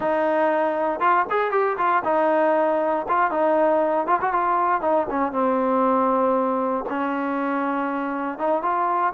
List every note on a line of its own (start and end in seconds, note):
0.00 1.00 D#4
1.00 1.25 F4
1.30 1.51 G#4
1.51 1.76 G4
1.77 2.02 F4
2.04 3.06 D#4
3.08 3.31 F4
3.31 4.07 D#4
4.07 4.19 F4
4.21 4.32 F#4
4.32 4.81 F4
4.81 5.06 D#4
5.10 5.32 C#4
5.32 6.84 C4
6.89 8.38 C#4
8.38 8.62 D#4
8.62 9.13 F4